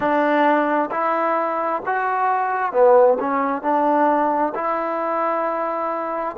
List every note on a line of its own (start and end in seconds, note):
0.00 0.90 D4
0.91 1.82 E4
1.86 2.72 F#4
2.72 3.18 B3
3.19 3.62 C#4
3.62 4.52 D4
4.55 6.36 E4